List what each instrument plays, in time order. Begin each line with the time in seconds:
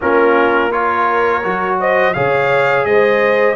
0.01 tuba A#3, trombone C#4, horn F4, trumpet A#4
0.71 trombone F4, horn A#4, trumpet C#5
1.43 tuba F#3, trombone F#4
1.79 horn C5, trumpet D#5
2.13 tuba C#3, trombone G#4, horn C#5, trumpet F5
2.84 tuba G#3, horn C5, trumpet D#5